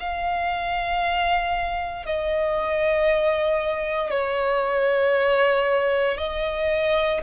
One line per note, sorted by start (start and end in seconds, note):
0.00 2.06 F5
2.06 4.11 D#5
4.11 6.18 C#5
6.18 7.21 D#5